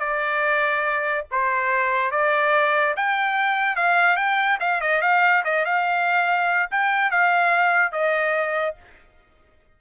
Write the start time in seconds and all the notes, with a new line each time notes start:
0.00 D5
1.31 C5
2.12 D5
2.97 G5
3.77 F5
4.17 G5
4.60 F5
4.81 D#5
5.02 F5
5.45 D#5
5.66 F5
6.71 G5
7.11 F5
7.92 D#5